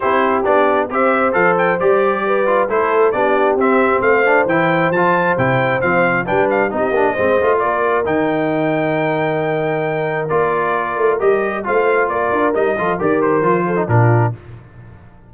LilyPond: <<
  \new Staff \with { instrumentName = "trumpet" } { \time 4/4 \tempo 4 = 134 c''4 d''4 e''4 f''8 g''8 | d''2 c''4 d''4 | e''4 f''4 g''4 a''4 | g''4 f''4 g''8 f''8 dis''4~ |
dis''4 d''4 g''2~ | g''2. d''4~ | d''4 dis''4 f''4 d''4 | dis''4 d''8 c''4. ais'4 | }
  \new Staff \with { instrumentName = "horn" } { \time 4/4 g'2 c''2~ | c''4 b'4 a'4 g'4~ | g'4 c''2.~ | c''2 b'4 g'4 |
c''4 ais'2.~ | ais'1~ | ais'2 c''4 ais'4~ | ais'8 a'8 ais'4. a'8 f'4 | }
  \new Staff \with { instrumentName = "trombone" } { \time 4/4 e'4 d'4 g'4 a'4 | g'4. f'8 e'4 d'4 | c'4. d'8 e'4 f'4 | e'4 c'4 d'4 dis'8 d'8 |
c'8 f'4. dis'2~ | dis'2. f'4~ | f'4 g'4 f'2 | dis'8 f'8 g'4 f'8. dis'16 d'4 | }
  \new Staff \with { instrumentName = "tuba" } { \time 4/4 c'4 b4 c'4 f4 | g2 a4 b4 | c'4 a4 e4 f4 | c4 f4 g4 c'8 ais8 |
gis8 a8 ais4 dis2~ | dis2. ais4~ | ais8 a8 g4 a4 ais8 d'8 | g8 f8 dis4 f4 ais,4 | }
>>